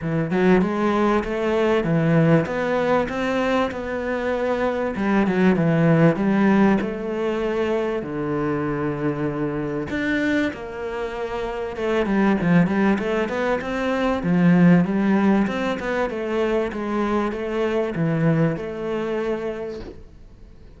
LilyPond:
\new Staff \with { instrumentName = "cello" } { \time 4/4 \tempo 4 = 97 e8 fis8 gis4 a4 e4 | b4 c'4 b2 | g8 fis8 e4 g4 a4~ | a4 d2. |
d'4 ais2 a8 g8 | f8 g8 a8 b8 c'4 f4 | g4 c'8 b8 a4 gis4 | a4 e4 a2 | }